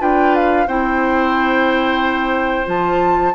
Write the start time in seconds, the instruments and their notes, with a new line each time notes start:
0.00 bassoon D4, clarinet F4, oboe B4, flute G5
0.36 flute F5
0.68 bassoon C4, clarinet E4, oboe C5, flute G5
2.66 bassoon F3, clarinet F4, flute A5